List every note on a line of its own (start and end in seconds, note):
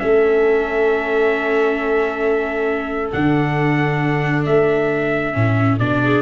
0.00 3.14 A3
0.00 3.11 C#4
0.00 6.02 A4
0.00 3.11 E5
3.12 4.47 D3
3.12 5.34 D4
3.12 4.46 F#5
4.46 5.36 A3
4.46 5.79 E5
5.34 5.80 A2
5.34 5.78 C#4
5.79 6.22 B2
5.79 6.22 D4
5.79 6.22 D5
6.04 6.22 G#4